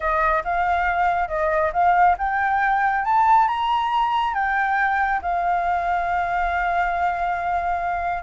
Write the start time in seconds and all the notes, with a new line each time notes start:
0.00 D#5
0.44 F5
1.28 D#5
1.72 F5
2.17 G5
3.04 A5
3.48 A#5
4.33 G5
5.22 F5